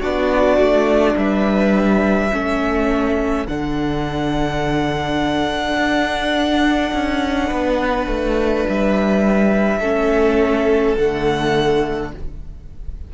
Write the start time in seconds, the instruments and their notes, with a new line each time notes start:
0.00 cello B3, viola D4, violin F#4 D5
0.57 cello A3
1.15 cello G3, violin B4 E5
2.31 cello A3, viola C#4, violin A4
3.47 cello D3, viola D4, violin F#5
5.76 cello D4
6.93 cello C#4
7.47 cello B3, violin B4
8.06 cello A3
8.69 cello G3, violin E5
9.80 cello A3, viola C#4, violin A4
10.96 cello D3, viola A3, violin F#5